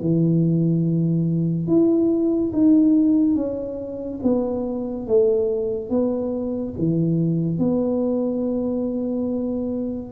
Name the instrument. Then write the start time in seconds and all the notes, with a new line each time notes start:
tuba
0.00 E3
1.67 E4
2.52 D#4
3.35 C#4
4.22 B3
5.07 A3
5.89 B3
6.78 E3
7.58 B3